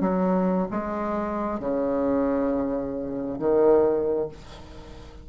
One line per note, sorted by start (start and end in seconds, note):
0.00 0.67 F#3
0.70 1.59 G#3
1.59 3.38 C#3
3.38 4.28 D#3